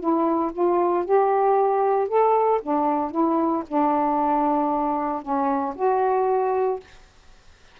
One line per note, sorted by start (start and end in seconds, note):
0.00 0.52 E4
0.53 1.05 F4
1.05 2.08 G4
2.08 2.61 A4
2.62 3.11 D4
3.11 3.64 E4
3.68 5.22 D4
5.22 5.75 C#4
5.76 6.80 F#4